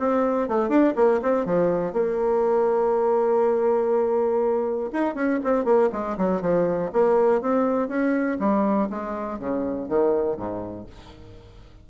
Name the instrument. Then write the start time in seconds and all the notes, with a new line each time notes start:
bassoon
0.00 C4
0.49 A3
0.69 D4
0.96 A#3
1.23 C4
1.46 F3
1.93 A#3
4.93 D#4
5.15 C#4
5.44 C4
5.65 A#3
5.93 G#3
6.18 F#3
6.42 F3
6.93 A#3
7.42 C4
7.89 C#4
8.40 G3
8.90 G#3
9.39 C#3
9.89 D#3
10.37 G#2